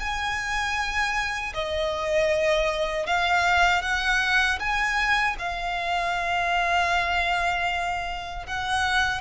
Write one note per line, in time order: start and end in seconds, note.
0.00 1.54 G#5
1.54 3.07 D#5
3.07 3.83 F5
3.83 4.59 F#5
4.60 5.37 G#5
5.40 8.47 F5
8.47 9.22 F#5